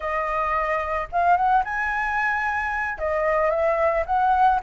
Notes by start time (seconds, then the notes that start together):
0.00 D#5
1.12 F5
1.36 F#5
1.64 G#5
2.98 D#5
3.50 E5
4.06 F#5